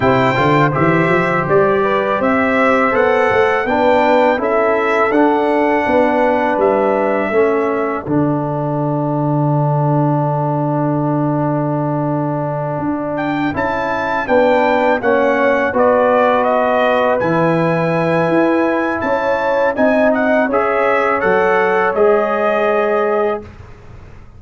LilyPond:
<<
  \new Staff \with { instrumentName = "trumpet" } { \time 4/4 \tempo 4 = 82 g''4 e''4 d''4 e''4 | fis''4 g''4 e''4 fis''4~ | fis''4 e''2 fis''4~ | fis''1~ |
fis''2 g''8 a''4 g''8~ | g''8 fis''4 d''4 dis''4 gis''8~ | gis''2 a''4 gis''8 fis''8 | e''4 fis''4 dis''2 | }
  \new Staff \with { instrumentName = "horn" } { \time 4/4 c''2~ c''8 b'8 c''4~ | c''4 b'4 a'2 | b'2 a'2~ | a'1~ |
a'2.~ a'8 b'8~ | b'8 cis''4 b'2~ b'8~ | b'2 cis''4 dis''4 | cis''1 | }
  \new Staff \with { instrumentName = "trombone" } { \time 4/4 e'8 f'8 g'2. | a'4 d'4 e'4 d'4~ | d'2 cis'4 d'4~ | d'1~ |
d'2~ d'8 e'4 d'8~ | d'8 cis'4 fis'2 e'8~ | e'2. dis'4 | gis'4 a'4 gis'2 | }
  \new Staff \with { instrumentName = "tuba" } { \time 4/4 c8 d8 e8 f8 g4 c'4 | b8 a8 b4 cis'4 d'4 | b4 g4 a4 d4~ | d1~ |
d4. d'4 cis'4 b8~ | b8 ais4 b2 e8~ | e4 e'4 cis'4 c'4 | cis'4 fis4 gis2 | }
>>